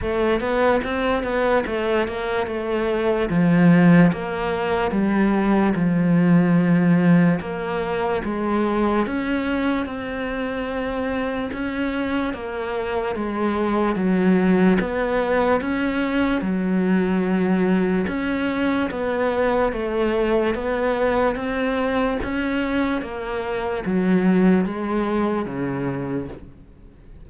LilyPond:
\new Staff \with { instrumentName = "cello" } { \time 4/4 \tempo 4 = 73 a8 b8 c'8 b8 a8 ais8 a4 | f4 ais4 g4 f4~ | f4 ais4 gis4 cis'4 | c'2 cis'4 ais4 |
gis4 fis4 b4 cis'4 | fis2 cis'4 b4 | a4 b4 c'4 cis'4 | ais4 fis4 gis4 cis4 | }